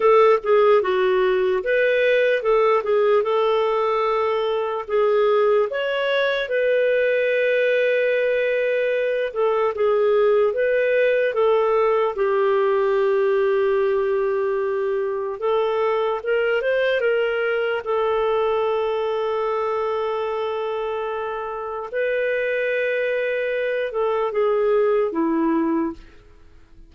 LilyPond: \new Staff \with { instrumentName = "clarinet" } { \time 4/4 \tempo 4 = 74 a'8 gis'8 fis'4 b'4 a'8 gis'8 | a'2 gis'4 cis''4 | b'2.~ b'8 a'8 | gis'4 b'4 a'4 g'4~ |
g'2. a'4 | ais'8 c''8 ais'4 a'2~ | a'2. b'4~ | b'4. a'8 gis'4 e'4 | }